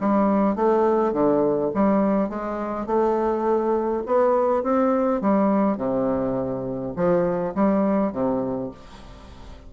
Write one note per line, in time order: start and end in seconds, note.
0.00 0.56 G3
0.56 1.13 A3
1.13 1.71 D3
1.74 2.29 G3
2.29 2.86 G#3
2.86 4.03 A3
4.06 4.63 B3
4.63 5.21 C4
5.21 5.77 G3
5.77 6.94 C3
6.96 7.54 F3
7.55 8.12 G3
8.12 8.71 C3